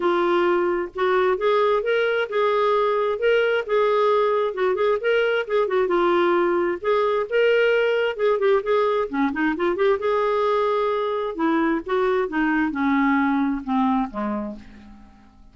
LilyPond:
\new Staff \with { instrumentName = "clarinet" } { \time 4/4 \tempo 4 = 132 f'2 fis'4 gis'4 | ais'4 gis'2 ais'4 | gis'2 fis'8 gis'8 ais'4 | gis'8 fis'8 f'2 gis'4 |
ais'2 gis'8 g'8 gis'4 | cis'8 dis'8 f'8 g'8 gis'2~ | gis'4 e'4 fis'4 dis'4 | cis'2 c'4 gis4 | }